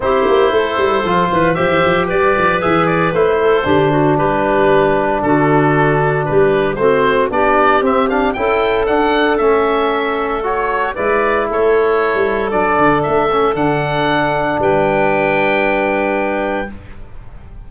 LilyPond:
<<
  \new Staff \with { instrumentName = "oboe" } { \time 4/4 \tempo 4 = 115 c''2. e''4 | d''4 e''8 d''8 c''2 | b'2 a'2 | b'4 c''4 d''4 e''8 f''8 |
g''4 fis''4 e''2 | cis''4 d''4 cis''2 | d''4 e''4 fis''2 | g''1 | }
  \new Staff \with { instrumentName = "clarinet" } { \time 4/4 g'4 a'4. b'8 c''4 | b'2~ b'8 a'8 g'8 fis'8 | g'2 fis'2 | g'4 fis'4 g'2 |
a'1~ | a'4 b'4 a'2~ | a'1 | b'1 | }
  \new Staff \with { instrumentName = "trombone" } { \time 4/4 e'2 f'4 g'4~ | g'4 gis'4 e'4 d'4~ | d'1~ | d'4 c'4 d'4 c'8 d'8 |
e'4 d'4 cis'2 | fis'4 e'2. | d'4. cis'8 d'2~ | d'1 | }
  \new Staff \with { instrumentName = "tuba" } { \time 4/4 c'8 ais8 a8 g8 f8 e8 f16 e16 f8 | g8 f8 e4 a4 d4 | g2 d2 | g4 a4 b4 c'4 |
cis'4 d'4 a2~ | a4 gis4 a4~ a16 g8. | fis8 d8 a4 d2 | g1 | }
>>